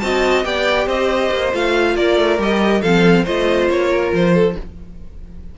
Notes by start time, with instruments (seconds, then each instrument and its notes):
0.00 cello C4, viola F#4, violin D#5 A5
0.44 cello B3, viola G4, violin D5 G5
0.87 cello C4, violin C5 D#5
1.32 cello A#3
1.54 cello A3, viola F4, violin F5
1.96 cello A#3, violin A#4 D5
2.18 cello A3
2.39 cello G3, viola G4, violin D#5
2.82 cello F3, viola C4, violin A4 F5
3.24 cello A3, viola F4, violin C5 D#5
3.69 cello A#3, violin C#5
3.92 violin A#4
4.12 cello F3, violin C5
4.34 violin A4